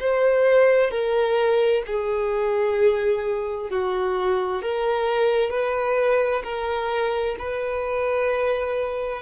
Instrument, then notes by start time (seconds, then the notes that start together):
violin
0.00 C5
0.91 A#4
1.87 G#4
3.70 F#4
4.62 A#4
5.50 B4
6.44 A#4
7.39 B4